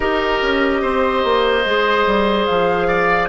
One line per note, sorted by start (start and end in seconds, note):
0.00 0.40 D#4
0.00 1.64 G4
0.00 0.81 A#4
0.00 2.45 D#5
0.42 0.82 C#4
0.82 1.23 C4
0.82 2.87 C5
1.23 1.65 A#3
1.65 2.06 G#3
1.65 3.29 G#4
2.06 2.47 G3
2.45 3.29 F3
2.45 3.27 F5
2.87 3.28 D5